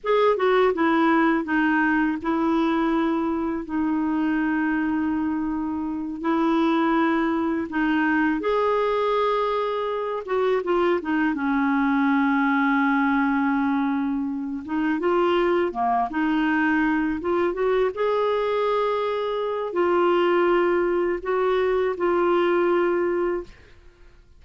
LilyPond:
\new Staff \with { instrumentName = "clarinet" } { \time 4/4 \tempo 4 = 82 gis'8 fis'8 e'4 dis'4 e'4~ | e'4 dis'2.~ | dis'8 e'2 dis'4 gis'8~ | gis'2 fis'8 f'8 dis'8 cis'8~ |
cis'1 | dis'8 f'4 ais8 dis'4. f'8 | fis'8 gis'2~ gis'8 f'4~ | f'4 fis'4 f'2 | }